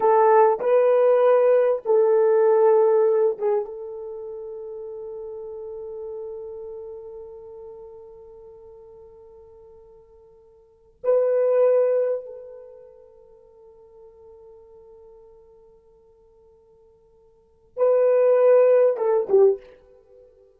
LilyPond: \new Staff \with { instrumentName = "horn" } { \time 4/4 \tempo 4 = 98 a'4 b'2 a'4~ | a'4. gis'8 a'2~ | a'1~ | a'1~ |
a'2 b'2 | a'1~ | a'1~ | a'4 b'2 a'8 g'8 | }